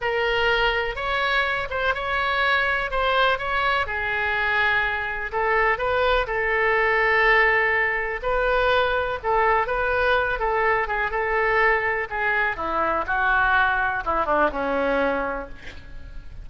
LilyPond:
\new Staff \with { instrumentName = "oboe" } { \time 4/4 \tempo 4 = 124 ais'2 cis''4. c''8 | cis''2 c''4 cis''4 | gis'2. a'4 | b'4 a'2.~ |
a'4 b'2 a'4 | b'4. a'4 gis'8 a'4~ | a'4 gis'4 e'4 fis'4~ | fis'4 e'8 d'8 cis'2 | }